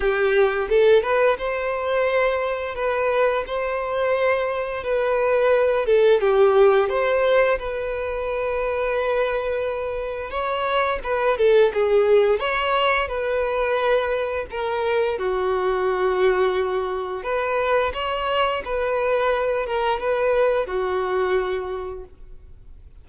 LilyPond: \new Staff \with { instrumentName = "violin" } { \time 4/4 \tempo 4 = 87 g'4 a'8 b'8 c''2 | b'4 c''2 b'4~ | b'8 a'8 g'4 c''4 b'4~ | b'2. cis''4 |
b'8 a'8 gis'4 cis''4 b'4~ | b'4 ais'4 fis'2~ | fis'4 b'4 cis''4 b'4~ | b'8 ais'8 b'4 fis'2 | }